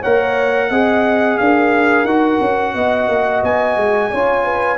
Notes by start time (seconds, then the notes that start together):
0.00 A#3 A#4 C#5 F#5
0.70 C4 G#4 D#5
1.37 D4 A#4 F5
2.04 D#4 F#4 F#5
2.40 C#4
2.74 B3 D#5
3.08 A#3
3.43 B3 G#5
3.76 G#3
4.11 C#4 F4 C#5
4.44 B4